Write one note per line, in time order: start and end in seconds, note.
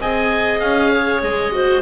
0.00 0.60 C4
0.00 1.51 G#4
0.00 0.91 D#5
0.00 0.60 G#5
0.60 1.22 C#4
0.60 1.21 F5
0.91 1.53 C#5
1.22 1.82 G#3
1.22 1.82 D#5
1.51 1.82 F#4
1.51 1.82 C5